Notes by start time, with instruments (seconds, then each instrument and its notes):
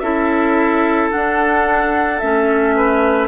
0.00 bassoon C#4, clarinet E4, oboe A4, flute E5
1.11 clarinet D4, bassoon D4, flute F#5
2.19 bassoon A3, clarinet C#4, flute E5
2.76 oboe B4